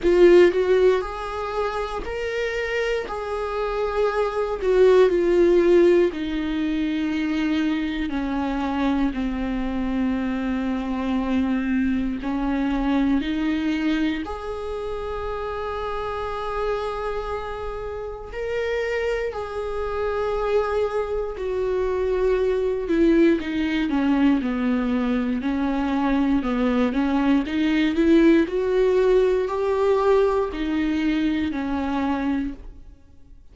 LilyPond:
\new Staff \with { instrumentName = "viola" } { \time 4/4 \tempo 4 = 59 f'8 fis'8 gis'4 ais'4 gis'4~ | gis'8 fis'8 f'4 dis'2 | cis'4 c'2. | cis'4 dis'4 gis'2~ |
gis'2 ais'4 gis'4~ | gis'4 fis'4. e'8 dis'8 cis'8 | b4 cis'4 b8 cis'8 dis'8 e'8 | fis'4 g'4 dis'4 cis'4 | }